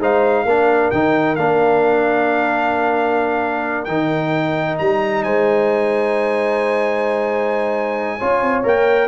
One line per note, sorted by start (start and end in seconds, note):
0.00 0.45 G#3
0.00 0.47 D#4
0.00 0.46 C5
0.00 0.91 F5
0.45 0.91 A#3
0.45 0.94 D4
0.45 5.23 A#4
0.91 1.37 D#3
0.91 1.38 D#4
0.91 1.36 G5
1.36 3.87 A#3
1.36 3.88 D4
1.36 3.85 F5
3.85 4.79 D#3
3.85 8.20 D#4
3.85 4.76 G5
4.78 5.24 G3
4.78 5.23 A#5
5.23 8.20 G#3
5.23 8.19 C5
5.23 8.64 G#5
8.19 8.42 C#4
8.19 8.63 F4
8.19 9.08 C#5
8.42 8.64 C4
8.63 9.08 A#3
8.63 9.08 A#4
8.63 9.08 G5